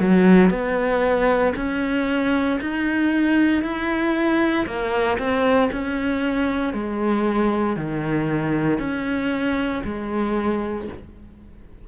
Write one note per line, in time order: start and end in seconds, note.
0.00 0.50 F#3
0.50 1.54 B3
1.57 2.60 C#4
2.61 3.63 D#4
3.63 4.66 E4
4.66 5.18 A#3
5.19 5.70 C4
5.72 6.73 C#4
6.73 7.77 G#3
7.77 8.79 D#3
8.79 9.83 C#4
9.85 10.88 G#3